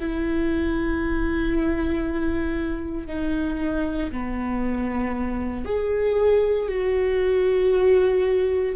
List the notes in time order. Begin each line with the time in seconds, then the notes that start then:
0.00 E4
3.08 D#4
4.11 B3
5.65 G#4
6.69 F#4